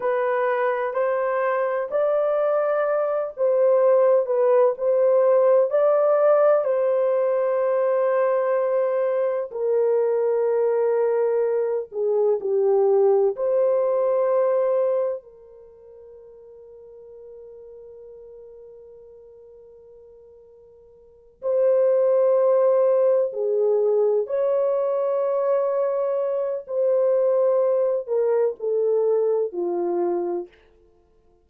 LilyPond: \new Staff \with { instrumentName = "horn" } { \time 4/4 \tempo 4 = 63 b'4 c''4 d''4. c''8~ | c''8 b'8 c''4 d''4 c''4~ | c''2 ais'2~ | ais'8 gis'8 g'4 c''2 |
ais'1~ | ais'2~ ais'8 c''4.~ | c''8 gis'4 cis''2~ cis''8 | c''4. ais'8 a'4 f'4 | }